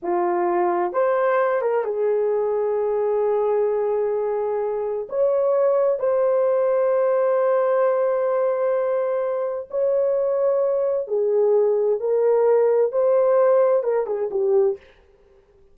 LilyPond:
\new Staff \with { instrumentName = "horn" } { \time 4/4 \tempo 4 = 130 f'2 c''4. ais'8 | gis'1~ | gis'2. cis''4~ | cis''4 c''2.~ |
c''1~ | c''4 cis''2. | gis'2 ais'2 | c''2 ais'8 gis'8 g'4 | }